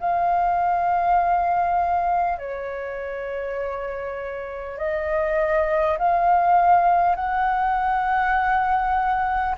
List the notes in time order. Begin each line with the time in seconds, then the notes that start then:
0.00 F5
2.38 C#5
4.78 D#5
5.98 F5
7.16 F#5